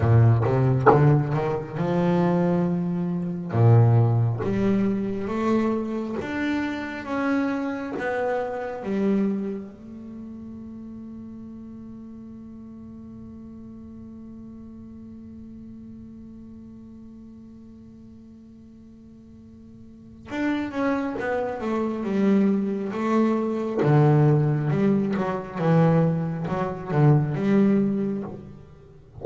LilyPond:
\new Staff \with { instrumentName = "double bass" } { \time 4/4 \tempo 4 = 68 ais,8 c8 d8 dis8 f2 | ais,4 g4 a4 d'4 | cis'4 b4 g4 a4~ | a1~ |
a1~ | a2. d'8 cis'8 | b8 a8 g4 a4 d4 | g8 fis8 e4 fis8 d8 g4 | }